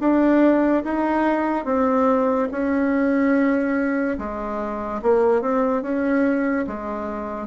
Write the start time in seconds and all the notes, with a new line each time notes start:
0.00 D4
0.84 D#4
1.65 C4
2.52 C#4
4.18 G#3
5.03 A#3
5.41 C4
5.83 C#4
6.67 G#3